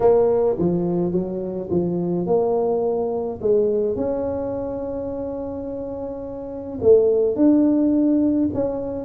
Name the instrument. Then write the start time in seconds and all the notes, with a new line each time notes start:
tuba
0.00 A#3
0.58 F3
1.12 F#3
1.70 F3
2.26 A#3
3.41 G#3
3.95 C#4
6.81 A3
7.36 D4
8.54 C#4